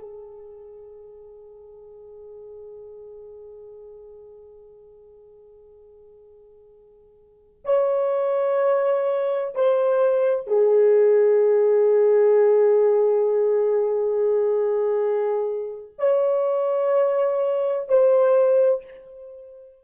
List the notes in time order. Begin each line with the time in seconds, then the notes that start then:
0.00 G#4
7.65 C#5
9.55 C5
10.48 G#4
15.99 C#5
17.89 C5